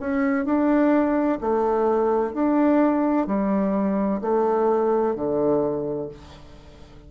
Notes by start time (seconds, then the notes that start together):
0.00 C#4
0.45 D4
1.41 A3
2.33 D4
3.27 G3
4.21 A3
5.15 D3